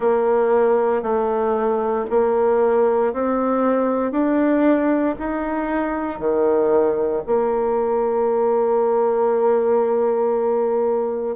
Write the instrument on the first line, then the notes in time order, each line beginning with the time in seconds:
bassoon
0.00 A#3
1.02 A3
2.10 A#3
3.13 C4
4.11 D4
5.19 D#4
6.19 D#3
7.26 A#3